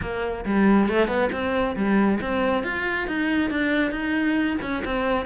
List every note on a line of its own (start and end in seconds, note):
0.01 0.45 A#3
0.45 0.88 G3
0.88 1.07 A3
1.07 1.29 B3
1.32 1.75 C4
1.76 2.19 G3
2.21 2.63 C4
2.63 3.07 F4
3.07 3.50 D#4
3.50 3.91 D4
3.91 4.56 D#4
4.61 4.83 C#4
4.84 5.25 C4